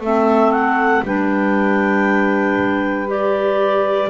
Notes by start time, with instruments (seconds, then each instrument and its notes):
0.00 double bass A3, clarinet C4 E5, saxophone A4
0.52 clarinet F#5
1.02 double bass G3, clarinet D4 G5, saxophone B4
3.07 clarinet G4 D5